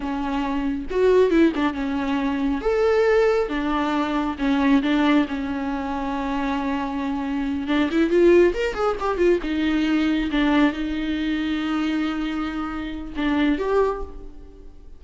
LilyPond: \new Staff \with { instrumentName = "viola" } { \time 4/4 \tempo 4 = 137 cis'2 fis'4 e'8 d'8 | cis'2 a'2 | d'2 cis'4 d'4 | cis'1~ |
cis'4. d'8 e'8 f'4 ais'8 | gis'8 g'8 f'8 dis'2 d'8~ | d'8 dis'2.~ dis'8~ | dis'2 d'4 g'4 | }